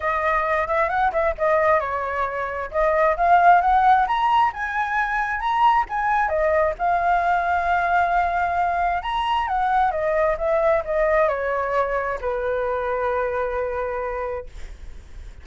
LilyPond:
\new Staff \with { instrumentName = "flute" } { \time 4/4 \tempo 4 = 133 dis''4. e''8 fis''8 e''8 dis''4 | cis''2 dis''4 f''4 | fis''4 ais''4 gis''2 | ais''4 gis''4 dis''4 f''4~ |
f''1 | ais''4 fis''4 dis''4 e''4 | dis''4 cis''2 b'4~ | b'1 | }